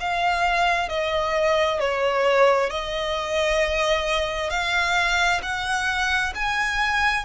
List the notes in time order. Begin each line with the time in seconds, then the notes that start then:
0.00 F5
0.89 D#5
1.79 C#5
2.70 D#5
4.50 F5
5.42 F#5
6.35 G#5